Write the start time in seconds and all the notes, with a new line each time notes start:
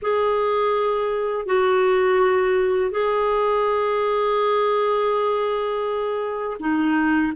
0.02 G#4
1.46 F#4
2.91 G#4
6.59 D#4